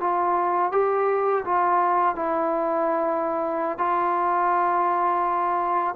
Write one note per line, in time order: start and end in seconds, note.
0.00 0.72 F4
0.72 1.44 G4
1.45 2.15 F4
2.15 3.78 E4
3.78 5.95 F4